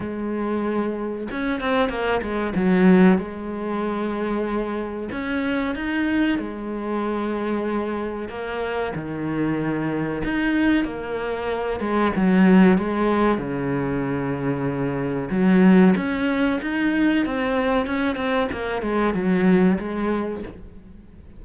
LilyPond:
\new Staff \with { instrumentName = "cello" } { \time 4/4 \tempo 4 = 94 gis2 cis'8 c'8 ais8 gis8 | fis4 gis2. | cis'4 dis'4 gis2~ | gis4 ais4 dis2 |
dis'4 ais4. gis8 fis4 | gis4 cis2. | fis4 cis'4 dis'4 c'4 | cis'8 c'8 ais8 gis8 fis4 gis4 | }